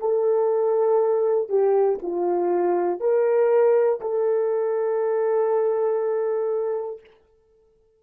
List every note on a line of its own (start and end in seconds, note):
0.00 1.49 A4
1.49 1.99 G4
2.03 3.00 F4
3.00 4.00 A#4
4.01 7.01 A4